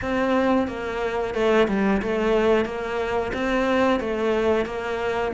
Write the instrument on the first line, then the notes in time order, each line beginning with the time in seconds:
cello
0.01 C4
0.67 A#3
1.34 A3
1.68 G3
2.02 A3
2.65 A#3
3.33 C4
3.99 A3
4.65 A#3